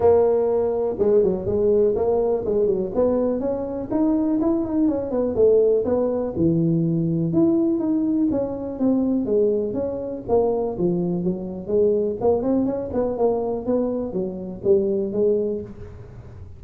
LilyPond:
\new Staff \with { instrumentName = "tuba" } { \time 4/4 \tempo 4 = 123 ais2 gis8 fis8 gis4 | ais4 gis8 fis8 b4 cis'4 | dis'4 e'8 dis'8 cis'8 b8 a4 | b4 e2 e'4 |
dis'4 cis'4 c'4 gis4 | cis'4 ais4 f4 fis4 | gis4 ais8 c'8 cis'8 b8 ais4 | b4 fis4 g4 gis4 | }